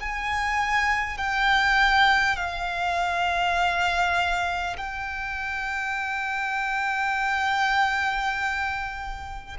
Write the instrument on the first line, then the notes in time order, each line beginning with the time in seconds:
violin
0.00 G#5
1.17 G5
2.36 F5
4.77 G5